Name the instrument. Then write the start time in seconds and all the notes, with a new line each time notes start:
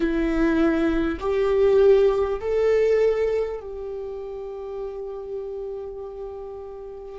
viola
0.00 E4
1.20 G4
2.40 A4
3.60 G4